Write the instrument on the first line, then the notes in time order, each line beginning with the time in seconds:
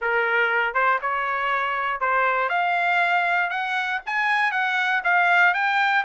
trumpet
0.01 A#4
0.74 C5
1.01 C#5
2.00 C5
2.49 F5
3.50 F#5
4.06 G#5
4.51 F#5
5.04 F5
5.53 G5